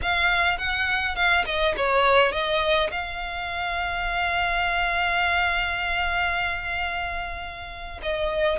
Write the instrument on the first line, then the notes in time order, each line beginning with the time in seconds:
violin
0.02 F5
0.58 F#5
1.15 F5
1.45 D#5
1.76 C#5
2.31 D#5
2.91 F5
8.02 D#5